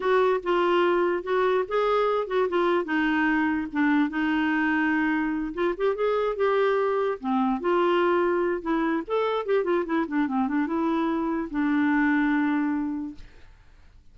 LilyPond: \new Staff \with { instrumentName = "clarinet" } { \time 4/4 \tempo 4 = 146 fis'4 f'2 fis'4 | gis'4. fis'8 f'4 dis'4~ | dis'4 d'4 dis'2~ | dis'4. f'8 g'8 gis'4 g'8~ |
g'4. c'4 f'4.~ | f'4 e'4 a'4 g'8 f'8 | e'8 d'8 c'8 d'8 e'2 | d'1 | }